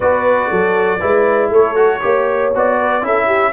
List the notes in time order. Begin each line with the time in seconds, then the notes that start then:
0.00 B3 F#4 B4 D5
0.50 F#3 A4
0.99 G#3 E4 B4
1.50 A3 A4 C#5
1.75 F#4
2.01 A#3 G4 C#5
2.54 B3 F#4 D5
2.78 B4
3.02 C#4 E4 A4 E5
3.26 G4